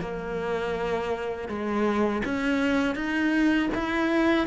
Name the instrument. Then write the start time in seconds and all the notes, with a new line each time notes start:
cello
0.00 A#3
1.48 G#3
2.25 C#4
2.95 D#4
3.74 E4